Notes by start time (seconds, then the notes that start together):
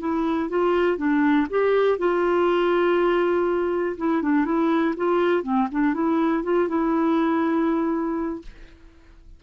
0.00 E4
0.50 F4
0.98 D4
1.50 G4
1.99 F4
3.98 E4
4.22 D4
4.45 E4
4.97 F4
5.43 C4
5.72 D4
5.94 E4
6.44 F4
6.69 E4